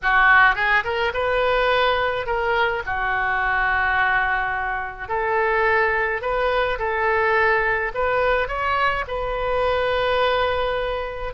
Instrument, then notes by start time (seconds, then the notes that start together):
oboe
0.02 F#4
0.55 G#4
0.84 A#4
1.13 B4
2.26 A#4
2.86 F#4
5.08 A4
6.21 B4
6.78 A4
7.94 B4
8.48 C#5
9.07 B4